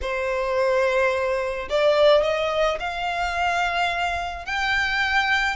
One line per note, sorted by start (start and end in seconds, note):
0.01 1.68 C5
1.69 2.22 D5
2.22 2.78 D#5
2.79 4.45 F5
4.45 5.56 G5